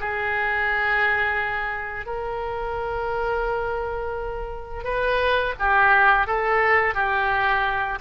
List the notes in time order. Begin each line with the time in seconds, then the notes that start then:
0.00 G#4
2.06 A#4
4.84 B4
5.59 G4
6.26 A4
6.94 G4